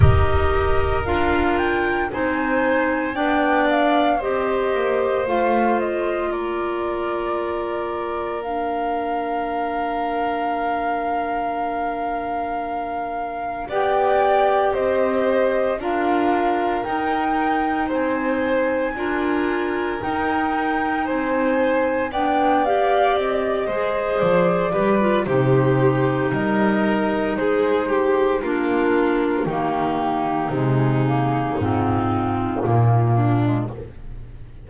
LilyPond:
<<
  \new Staff \with { instrumentName = "flute" } { \time 4/4 \tempo 4 = 57 dis''4 f''8 g''8 gis''4 g''8 f''8 | dis''4 f''8 dis''8 d''2 | f''1~ | f''4 g''4 dis''4 f''4 |
g''4 gis''2 g''4 | gis''4 g''8 f''8 dis''4 d''4 | c''4 dis''4 c''4 ais'4 | g'4 gis'4 f'2 | }
  \new Staff \with { instrumentName = "violin" } { \time 4/4 ais'2 c''4 d''4 | c''2 ais'2~ | ais'1~ | ais'4 d''4 c''4 ais'4~ |
ais'4 c''4 ais'2 | c''4 d''4. c''4 b'8 | g'4 ais'4 gis'8 g'8 f'4 | dis'2.~ dis'8 d'8 | }
  \new Staff \with { instrumentName = "clarinet" } { \time 4/4 g'4 f'4 dis'4 d'4 | g'4 f'2. | d'1~ | d'4 g'2 f'4 |
dis'2 f'4 dis'4~ | dis'4 d'8 g'4 gis'4 g'16 f'16 | dis'2. d'4 | ais4 gis8 ais8 c'4 ais8. gis16 | }
  \new Staff \with { instrumentName = "double bass" } { \time 4/4 dis'4 d'4 c'4 b4 | c'8 ais8 a4 ais2~ | ais1~ | ais4 b4 c'4 d'4 |
dis'4 c'4 d'4 dis'4 | c'4 b4 c'8 gis8 f8 g8 | c4 g4 gis4 ais4 | dis4 c4 gis,4 ais,4 | }
>>